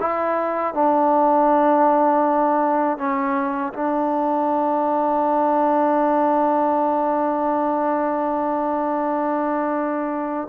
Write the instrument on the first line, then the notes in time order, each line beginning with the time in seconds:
trombone
0.00 E4
0.74 D4
2.98 C#4
3.73 D4